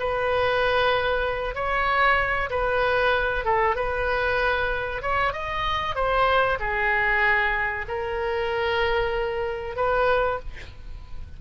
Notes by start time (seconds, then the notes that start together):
0.00 B4
1.55 C#5
2.50 B4
3.45 A4
3.76 B4
5.02 C#5
5.33 D#5
5.95 C5
6.60 G#4
7.88 A#4
9.76 B4